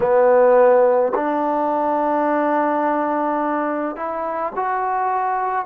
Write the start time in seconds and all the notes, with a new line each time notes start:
0.00 B3
1.14 D4
3.96 E4
4.55 F#4